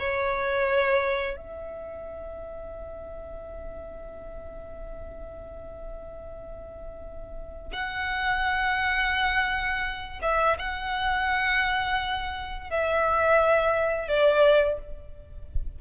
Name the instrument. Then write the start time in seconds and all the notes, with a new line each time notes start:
violin
0.00 C#5
1.37 E5
7.73 F#5
10.22 E5
10.59 F#5
12.71 E5
14.09 D5